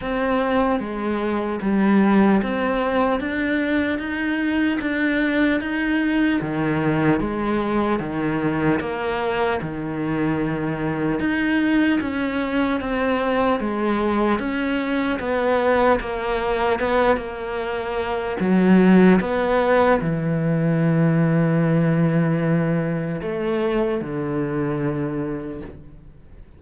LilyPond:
\new Staff \with { instrumentName = "cello" } { \time 4/4 \tempo 4 = 75 c'4 gis4 g4 c'4 | d'4 dis'4 d'4 dis'4 | dis4 gis4 dis4 ais4 | dis2 dis'4 cis'4 |
c'4 gis4 cis'4 b4 | ais4 b8 ais4. fis4 | b4 e2.~ | e4 a4 d2 | }